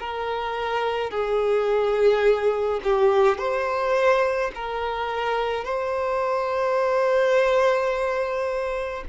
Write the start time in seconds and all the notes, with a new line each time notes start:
0.00 A#4
1.11 G#4
2.84 G4
3.39 C5
4.55 A#4
5.65 C5